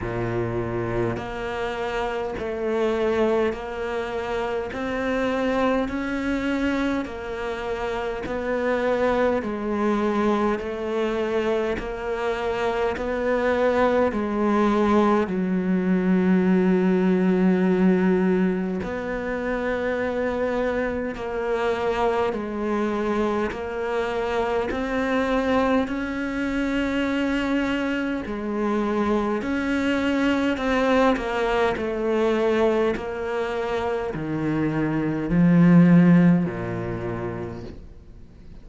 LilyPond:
\new Staff \with { instrumentName = "cello" } { \time 4/4 \tempo 4 = 51 ais,4 ais4 a4 ais4 | c'4 cis'4 ais4 b4 | gis4 a4 ais4 b4 | gis4 fis2. |
b2 ais4 gis4 | ais4 c'4 cis'2 | gis4 cis'4 c'8 ais8 a4 | ais4 dis4 f4 ais,4 | }